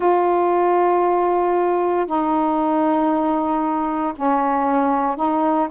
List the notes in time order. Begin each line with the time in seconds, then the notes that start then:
0.00 F4
2.06 D#4
4.16 C#4
5.16 D#4